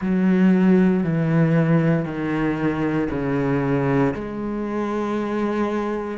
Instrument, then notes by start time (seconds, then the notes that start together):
cello
0.00 F#3
1.03 E3
2.05 D#3
3.10 C#3
4.14 G#3